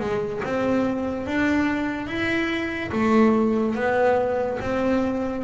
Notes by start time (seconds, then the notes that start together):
0.00 G#3
0.45 C4
1.27 D4
2.08 E4
2.92 A3
3.75 B3
4.61 C4